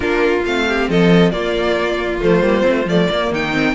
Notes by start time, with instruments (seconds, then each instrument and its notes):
0.00 cello A#3, viola D4, violin F4 A#4
0.44 cello A3, viola C4, violin F5
0.68 violin G4
0.89 cello F3, violin A4 D#5
1.31 cello A#3, viola A#3, violin F4 D5
2.21 cello F3, viola A3, violin C5
2.41 cello G3, viola A#3
2.61 viola C4
2.69 cello A3
2.85 cello F3, viola A3, violin D5
3.10 cello A#3, viola A#3
3.31 cello D#3, violin D#4 G5
3.53 viola C4